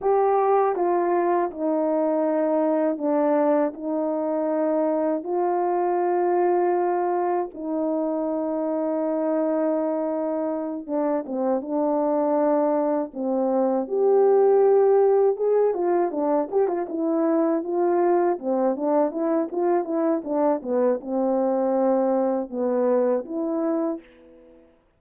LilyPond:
\new Staff \with { instrumentName = "horn" } { \time 4/4 \tempo 4 = 80 g'4 f'4 dis'2 | d'4 dis'2 f'4~ | f'2 dis'2~ | dis'2~ dis'8 d'8 c'8 d'8~ |
d'4. c'4 g'4.~ | g'8 gis'8 f'8 d'8 g'16 f'16 e'4 f'8~ | f'8 c'8 d'8 e'8 f'8 e'8 d'8 b8 | c'2 b4 e'4 | }